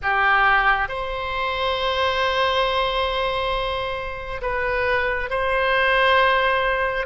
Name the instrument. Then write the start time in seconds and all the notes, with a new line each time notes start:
oboe
0.02 G4
0.88 C5
4.41 B4
5.29 C5